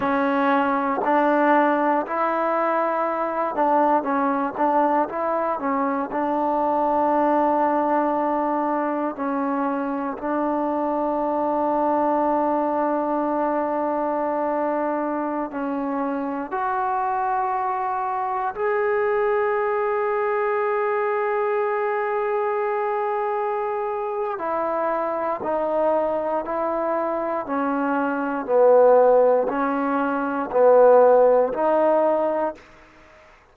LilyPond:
\new Staff \with { instrumentName = "trombone" } { \time 4/4 \tempo 4 = 59 cis'4 d'4 e'4. d'8 | cis'8 d'8 e'8 cis'8 d'2~ | d'4 cis'4 d'2~ | d'2.~ d'16 cis'8.~ |
cis'16 fis'2 gis'4.~ gis'16~ | gis'1 | e'4 dis'4 e'4 cis'4 | b4 cis'4 b4 dis'4 | }